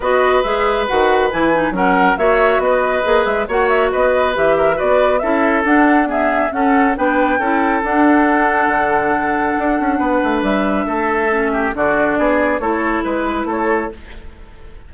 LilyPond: <<
  \new Staff \with { instrumentName = "flute" } { \time 4/4 \tempo 4 = 138 dis''4 e''4 fis''4 gis''4 | fis''4 e''4 dis''4. e''8 | fis''8 e''8 dis''4 e''4 d''4 | e''4 fis''4 e''4 fis''4 |
g''2 fis''2~ | fis''1 | e''2. d''4~ | d''4 cis''4 b'4 cis''4 | }
  \new Staff \with { instrumentName = "oboe" } { \time 4/4 b'1 | ais'4 cis''4 b'2 | cis''4 b'4. ais'8 b'4 | a'2 gis'4 a'4 |
b'4 a'2.~ | a'2. b'4~ | b'4 a'4. g'8 fis'4 | gis'4 a'4 b'4 a'4 | }
  \new Staff \with { instrumentName = "clarinet" } { \time 4/4 fis'4 gis'4 fis'4 e'8 dis'8 | cis'4 fis'2 gis'4 | fis'2 g'4 fis'4 | e'4 d'4 b4 cis'4 |
d'4 e'4 d'2~ | d'1~ | d'2 cis'4 d'4~ | d'4 e'2. | }
  \new Staff \with { instrumentName = "bassoon" } { \time 4/4 b4 gis4 dis4 e4 | fis4 ais4 b4 ais8 gis8 | ais4 b4 e4 b4 | cis'4 d'2 cis'4 |
b4 cis'4 d'2 | d2 d'8 cis'8 b8 a8 | g4 a2 d4 | b4 a4 gis4 a4 | }
>>